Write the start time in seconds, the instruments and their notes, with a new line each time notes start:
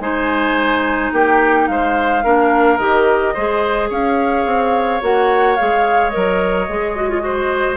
0.00 bassoon G#3, clarinet D#4, oboe C5, flute G#5
1.13 bassoon A#3, oboe G4, flute G5
1.67 bassoon G#3, oboe C5, flute F5
2.24 bassoon A#3, clarinet D4, oboe A#4
2.78 bassoon D#3, clarinet G4, flute D#5
3.34 bassoon G#3, clarinet G#4, oboe C5
3.90 bassoon C#4, oboe C#5, flute F5
4.46 bassoon C4
5.02 bassoon A#3, clarinet F#4, flute F#5
5.56 bassoon G#3, clarinet G#4, flute F5
6.10 bassoon F#3, clarinet A#4, flute D#5
6.69 bassoon G#3, clarinet G#4
6.96 clarinet F#4
7.10 clarinet F4
7.21 clarinet F#4, oboe C5